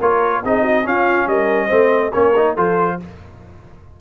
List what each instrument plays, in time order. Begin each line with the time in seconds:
0.00 tuba A#3, trombone F4, horn A#4, trumpet C#5
0.44 tuba C4, trombone D#4, horn G#4, trumpet D#5
0.62 horn F#4
0.84 trombone C#4, tuba C#4, horn F4, trumpet F5
1.27 tuba G3, horn A#4, trumpet D#5
1.67 tuba A3, trombone C4, horn C5
2.13 tuba A#3, trombone C#4, horn A#4, trumpet C#5
2.36 trombone D#4
2.55 tuba F3, trombone F4, horn A4, trumpet C5